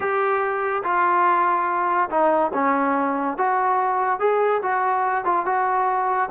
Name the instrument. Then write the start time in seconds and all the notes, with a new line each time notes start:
trombone
0.00 G4
0.83 F4
2.09 D#4
2.53 C#4
3.37 F#4
4.19 G#4
4.62 F#4
5.24 F4
5.45 F#4